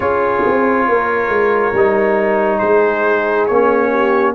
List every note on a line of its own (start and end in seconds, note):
0.00 0.42 C#4
0.00 1.74 F4
0.00 0.87 G#4
0.00 2.58 C#5
0.46 0.88 C4
0.88 1.28 A#3
0.88 2.59 A#4
1.28 1.71 G#3
1.73 2.60 G3
1.73 3.50 D#4
2.58 3.49 G#3
2.58 3.89 G#4
2.58 3.45 C5
3.46 4.35 A#3
3.46 4.35 C#4
3.46 4.33 C#5
3.90 4.33 G4